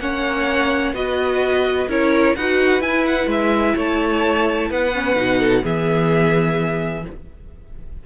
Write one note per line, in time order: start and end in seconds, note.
0.00 0.93 A#3
0.00 0.94 C#4
0.00 0.96 C#5
0.00 0.94 F#5
0.93 1.87 B3
0.93 1.88 F#4
0.93 1.89 B4
0.93 1.89 D#5
1.88 2.35 C#4
1.88 2.36 E4
1.88 2.36 A#4
1.88 2.36 C#5
2.36 2.81 D#4
2.36 2.82 F#4
2.36 3.76 B4
2.36 2.82 F#5
2.81 3.27 E4
2.81 4.93 E4
2.81 3.05 G#5
3.06 3.29 F#5
3.27 3.74 G#3
3.27 3.78 E5
3.76 4.70 A3
3.76 4.70 C#5
3.76 4.71 A5
4.70 5.16 B3
4.70 5.39 B4
4.70 5.65 F#5
4.94 5.16 C#4
5.16 5.63 B2
5.16 5.62 D#4
5.39 5.62 A4
5.62 7.05 E3
5.62 7.03 B3
5.62 7.04 G#4
5.62 7.06 E5